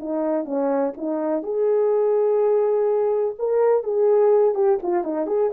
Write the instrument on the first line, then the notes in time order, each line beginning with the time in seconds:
horn
0.00 D#4
0.45 C#4
0.98 D#4
1.43 G#4
3.39 A#4
3.84 G#4
4.55 G4
4.83 F4
5.04 D#4
5.27 G#4